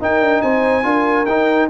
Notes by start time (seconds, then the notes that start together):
0.00 D#4 A#4 G5
0.21 D4
0.42 C4 C5 G#5
0.83 D4 F4 A#4
1.26 D#4 G5